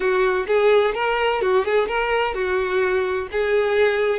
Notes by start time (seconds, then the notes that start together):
0.00 F#4
0.47 G#4
0.94 A#4
1.41 F#4
1.64 G#4
1.87 A#4
2.34 F#4
3.31 G#4